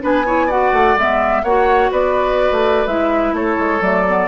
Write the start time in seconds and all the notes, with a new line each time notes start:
0.00 B3 D4 B4 G#5
0.26 E4 C#5
0.46 F#4 D5 F#5
0.72 A3
0.96 G#3 B3 E5
1.43 A#3 F#4 C#5 F#5
1.91 B3 B4 D5
2.51 A3
2.86 G#3 E4 E5
3.33 A3 A4 C#5
3.59 G#3
3.80 F#3 A3 D5
4.07 B3